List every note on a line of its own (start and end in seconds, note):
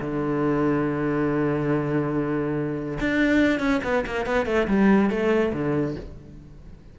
0.00 2.98 D3
3.00 3.59 D4
3.59 3.81 C#4
3.83 4.04 B3
4.06 4.26 A#3
4.26 4.45 B3
4.45 4.67 A3
4.67 5.09 G3
5.09 5.52 A3
5.53 5.96 D3